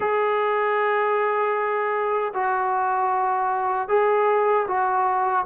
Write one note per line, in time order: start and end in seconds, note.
0.00 2.32 G#4
2.33 3.88 F#4
3.88 4.66 G#4
4.67 5.45 F#4